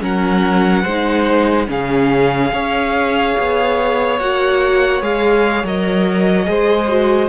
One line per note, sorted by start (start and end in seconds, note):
0.00 0.85 F#3
0.00 0.83 C#4
0.00 0.83 A#4
0.00 1.71 F#5
0.83 1.68 G#3
0.83 1.67 D#4
0.83 1.66 C5
1.67 2.52 C#3
1.67 2.50 C#4
1.67 2.53 G#4
1.67 4.19 F5
2.52 3.35 C#4
2.52 4.19 G#4
2.52 6.49 C#5
3.39 4.20 B3
4.19 5.01 A#3
4.19 5.02 F#4
4.19 5.02 F#5
5.01 5.63 G#3
5.01 5.64 G#4
5.01 5.66 F5
5.63 6.47 F#3
5.63 6.45 A#4
5.63 7.29 D#5
6.45 7.29 G#3
6.45 6.86 G#4
6.45 7.29 C5
6.87 7.29 F#4